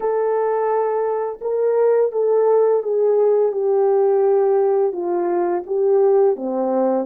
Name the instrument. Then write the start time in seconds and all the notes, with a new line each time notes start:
horn
0.00 A4
1.41 A#4
2.12 A4
2.82 G#4
3.51 G4
4.92 F4
5.66 G4
6.36 C4